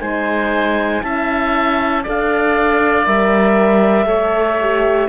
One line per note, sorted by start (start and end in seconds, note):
0.00 1.03 G#3
0.00 1.01 D#4
0.00 1.03 C5
0.00 1.02 G#5
1.01 2.05 C#4
1.01 2.03 E4
1.01 2.03 E5
1.01 2.04 A5
2.03 3.07 D4
2.03 3.06 A4
2.03 4.07 D5
2.03 3.07 F5
3.06 4.06 G3
3.06 4.06 A#4
3.06 5.08 E5
4.06 5.07 A3
4.06 4.57 A4
4.06 5.08 C#5
4.61 5.08 G4